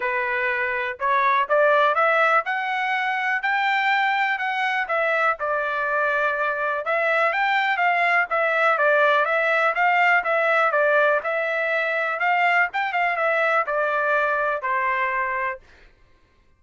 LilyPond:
\new Staff \with { instrumentName = "trumpet" } { \time 4/4 \tempo 4 = 123 b'2 cis''4 d''4 | e''4 fis''2 g''4~ | g''4 fis''4 e''4 d''4~ | d''2 e''4 g''4 |
f''4 e''4 d''4 e''4 | f''4 e''4 d''4 e''4~ | e''4 f''4 g''8 f''8 e''4 | d''2 c''2 | }